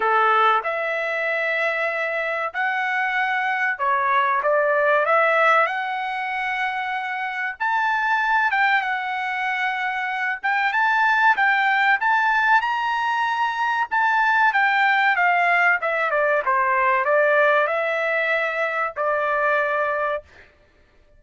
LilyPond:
\new Staff \with { instrumentName = "trumpet" } { \time 4/4 \tempo 4 = 95 a'4 e''2. | fis''2 cis''4 d''4 | e''4 fis''2. | a''4. g''8 fis''2~ |
fis''8 g''8 a''4 g''4 a''4 | ais''2 a''4 g''4 | f''4 e''8 d''8 c''4 d''4 | e''2 d''2 | }